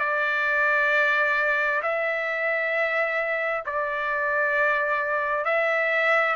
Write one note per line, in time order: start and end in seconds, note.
0.00 1.82 D5
1.83 3.64 E5
3.66 5.45 D5
5.45 6.36 E5